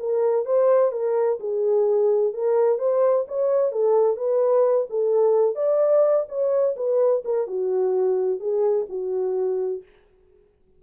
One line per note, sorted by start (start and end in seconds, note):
0.00 0.46 A#4
0.46 0.92 C5
0.92 1.39 A#4
1.40 2.34 G#4
2.34 2.79 A#4
2.79 3.26 C5
3.28 3.72 C#5
3.72 4.17 A4
4.17 4.87 B4
4.90 5.56 A4
5.56 6.26 D5
6.29 6.76 C#5
6.77 7.24 B4
7.25 7.47 A#4
7.47 8.40 F#4
8.40 8.87 G#4
8.89 9.83 F#4